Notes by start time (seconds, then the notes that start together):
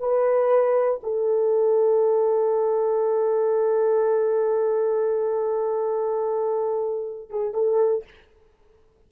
0.00 B4
1.04 A4
7.30 G#4
7.54 A4